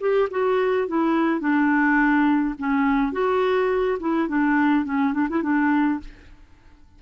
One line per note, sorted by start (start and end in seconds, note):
0.00 0.29 G4
0.31 0.88 F#4
0.88 1.40 E4
1.40 2.55 D4
2.59 3.12 C#4
3.12 3.98 F#4
4.00 4.28 E4
4.28 4.85 D4
4.85 5.14 C#4
5.14 5.28 D4
5.29 5.43 E4
5.43 6.00 D4